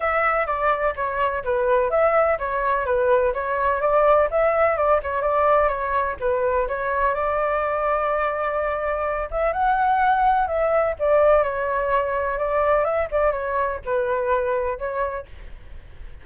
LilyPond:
\new Staff \with { instrumentName = "flute" } { \time 4/4 \tempo 4 = 126 e''4 d''4 cis''4 b'4 | e''4 cis''4 b'4 cis''4 | d''4 e''4 d''8 cis''8 d''4 | cis''4 b'4 cis''4 d''4~ |
d''2.~ d''8 e''8 | fis''2 e''4 d''4 | cis''2 d''4 e''8 d''8 | cis''4 b'2 cis''4 | }